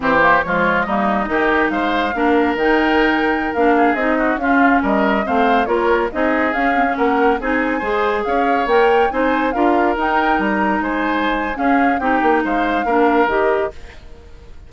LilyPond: <<
  \new Staff \with { instrumentName = "flute" } { \time 4/4 \tempo 4 = 140 c''4 cis''4 dis''2 | f''2 g''2~ | g''16 f''4 dis''4 f''4 dis''8.~ | dis''16 f''4 cis''4 dis''4 f''8.~ |
f''16 fis''4 gis''2 f''8.~ | f''16 g''4 gis''4 f''4 g''8.~ | g''16 ais''4 gis''4.~ gis''16 f''4 | g''4 f''2 dis''4 | }
  \new Staff \with { instrumentName = "oboe" } { \time 4/4 g'4 f'4 dis'4 g'4 | c''4 ais'2.~ | ais'8. gis'4 fis'8 f'4 ais'8.~ | ais'16 c''4 ais'4 gis'4.~ gis'16~ |
gis'16 ais'4 gis'4 c''4 cis''8.~ | cis''4~ cis''16 c''4 ais'4.~ ais'16~ | ais'4~ ais'16 c''4.~ c''16 gis'4 | g'4 c''4 ais'2 | }
  \new Staff \with { instrumentName = "clarinet" } { \time 4/4 c'8 ais8 gis4 ais4 dis'4~ | dis'4 d'4 dis'2~ | dis'16 d'4 dis'4 cis'4.~ cis'16~ | cis'16 c'4 f'4 dis'4 cis'8 c'16 |
cis'4~ cis'16 dis'4 gis'4.~ gis'16~ | gis'16 ais'4 dis'4 f'4 dis'8.~ | dis'2. cis'4 | dis'2 d'4 g'4 | }
  \new Staff \with { instrumentName = "bassoon" } { \time 4/4 e4 f4 g4 dis4 | gis4 ais4 dis2~ | dis16 ais4 c'4 cis'4 g8.~ | g16 a4 ais4 c'4 cis'8.~ |
cis'16 ais4 c'4 gis4 cis'8.~ | cis'16 ais4 c'4 d'4 dis'8.~ | dis'16 g4 gis4.~ gis16 cis'4 | c'8 ais8 gis4 ais4 dis4 | }
>>